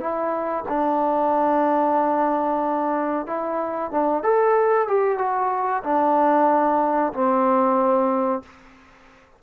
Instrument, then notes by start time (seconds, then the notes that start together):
trombone
0.00 E4
0.68 D4
3.26 E4
3.91 D4
4.23 A4
4.88 G4
5.18 F#4
5.84 D4
7.13 C4